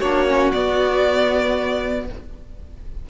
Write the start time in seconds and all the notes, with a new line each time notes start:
0.00 A#3 D4 F#4 C#5
0.27 C#4
0.52 B3 D5